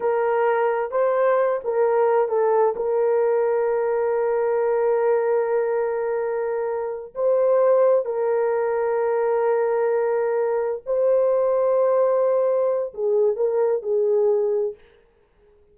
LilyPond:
\new Staff \with { instrumentName = "horn" } { \time 4/4 \tempo 4 = 130 ais'2 c''4. ais'8~ | ais'4 a'4 ais'2~ | ais'1~ | ais'2.~ ais'8 c''8~ |
c''4. ais'2~ ais'8~ | ais'2.~ ais'8 c''8~ | c''1 | gis'4 ais'4 gis'2 | }